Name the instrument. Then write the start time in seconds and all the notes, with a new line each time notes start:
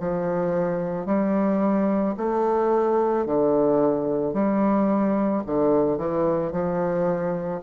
bassoon
0.00 F3
1.06 G3
2.17 A3
3.26 D3
4.34 G3
5.46 D3
5.98 E3
6.52 F3